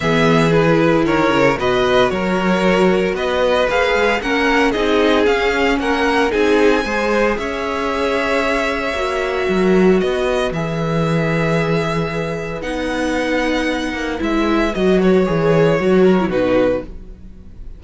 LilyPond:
<<
  \new Staff \with { instrumentName = "violin" } { \time 4/4 \tempo 4 = 114 e''4 b'4 cis''4 dis''4 | cis''2 dis''4 f''4 | fis''4 dis''4 f''4 fis''4 | gis''2 e''2~ |
e''2. dis''4 | e''1 | fis''2. e''4 | dis''8 cis''2~ cis''8 b'4 | }
  \new Staff \with { instrumentName = "violin" } { \time 4/4 gis'2 ais'4 b'4 | ais'2 b'2 | ais'4 gis'2 ais'4 | gis'4 c''4 cis''2~ |
cis''2 ais'4 b'4~ | b'1~ | b'1~ | b'2~ b'8 ais'8 fis'4 | }
  \new Staff \with { instrumentName = "viola" } { \time 4/4 b4 e'2 fis'4~ | fis'2. gis'4 | cis'4 dis'4 cis'2 | dis'4 gis'2.~ |
gis'4 fis'2. | gis'1 | dis'2. e'4 | fis'4 gis'4 fis'8. e'16 dis'4 | }
  \new Staff \with { instrumentName = "cello" } { \time 4/4 e2 dis8 cis8 b,4 | fis2 b4 ais8 gis8 | ais4 c'4 cis'4 ais4 | c'4 gis4 cis'2~ |
cis'4 ais4 fis4 b4 | e1 | b2~ b8 ais8 gis4 | fis4 e4 fis4 b,4 | }
>>